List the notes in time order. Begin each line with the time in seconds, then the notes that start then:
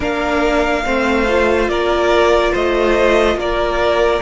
0.00 A#3 D4 A#4 F5
0.84 A3 C4 C5
1.28 F4
1.67 A#3 A#4 D5
2.52 A3 C5 D#5
3.35 A#3 A#4 D5